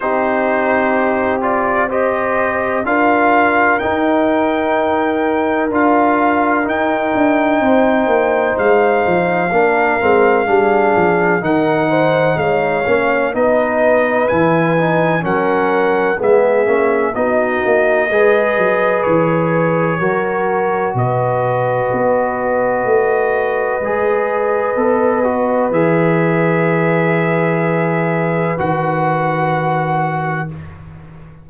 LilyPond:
<<
  \new Staff \with { instrumentName = "trumpet" } { \time 4/4 \tempo 4 = 63 c''4. d''8 dis''4 f''4 | g''2 f''4 g''4~ | g''4 f''2. | fis''4 f''4 dis''4 gis''4 |
fis''4 e''4 dis''2 | cis''2 dis''2~ | dis''2. e''4~ | e''2 fis''2 | }
  \new Staff \with { instrumentName = "horn" } { \time 4/4 g'2 c''4 ais'4~ | ais'1 | c''2 ais'4 gis'4 | ais'8 c''8 cis''4 b'2 |
ais'4 gis'4 fis'4 b'4~ | b'4 ais'4 b'2~ | b'1~ | b'1 | }
  \new Staff \with { instrumentName = "trombone" } { \time 4/4 dis'4. f'8 g'4 f'4 | dis'2 f'4 dis'4~ | dis'2 d'8 c'8 d'4 | dis'4. cis'8 dis'4 e'8 dis'8 |
cis'4 b8 cis'8 dis'4 gis'4~ | gis'4 fis'2.~ | fis'4 gis'4 a'8 fis'8 gis'4~ | gis'2 fis'2 | }
  \new Staff \with { instrumentName = "tuba" } { \time 4/4 c'2. d'4 | dis'2 d'4 dis'8 d'8 | c'8 ais8 gis8 f8 ais8 gis8 g8 f8 | dis4 gis8 ais8 b4 e4 |
fis4 gis8 ais8 b8 ais8 gis8 fis8 | e4 fis4 b,4 b4 | a4 gis4 b4 e4~ | e2 dis2 | }
>>